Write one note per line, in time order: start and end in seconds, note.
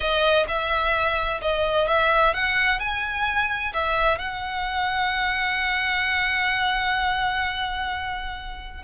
0.00 0.45 D#5
0.48 1.41 E5
1.41 1.87 D#5
1.87 2.33 E5
2.33 2.79 F#5
2.79 3.72 G#5
3.73 4.18 E5
4.18 8.83 F#5